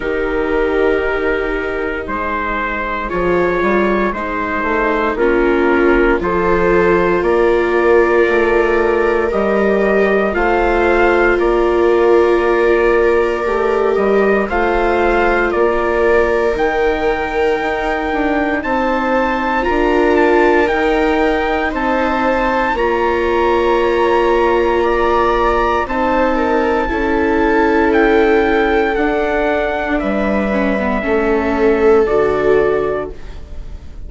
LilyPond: <<
  \new Staff \with { instrumentName = "trumpet" } { \time 4/4 \tempo 4 = 58 ais'2 c''4 cis''4 | c''4 ais'4 c''4 d''4~ | d''4 dis''4 f''4 d''4~ | d''4. dis''8 f''4 d''4 |
g''2 a''4 ais''8 a''8 | g''4 a''4 ais''2~ | ais''4 a''2 g''4 | fis''4 e''2 d''4 | }
  \new Staff \with { instrumentName = "viola" } { \time 4/4 g'2 gis'2~ | gis'4 f'4 a'4 ais'4~ | ais'2 c''4 ais'4~ | ais'2 c''4 ais'4~ |
ais'2 c''4 ais'4~ | ais'4 c''4 cis''2 | d''4 c''8 ais'8 a'2~ | a'4 b'4 a'2 | }
  \new Staff \with { instrumentName = "viola" } { \time 4/4 dis'2. f'4 | dis'4 cis'4 f'2~ | f'4 g'4 f'2~ | f'4 g'4 f'2 |
dis'2. f'4 | dis'2 f'2~ | f'4 dis'4 e'2 | d'4. cis'16 b16 cis'4 fis'4 | }
  \new Staff \with { instrumentName = "bassoon" } { \time 4/4 dis2 gis4 f8 g8 | gis8 a8 ais4 f4 ais4 | a4 g4 a4 ais4~ | ais4 a8 g8 a4 ais4 |
dis4 dis'8 d'8 c'4 d'4 | dis'4 c'4 ais2~ | ais4 c'4 cis'2 | d'4 g4 a4 d4 | }
>>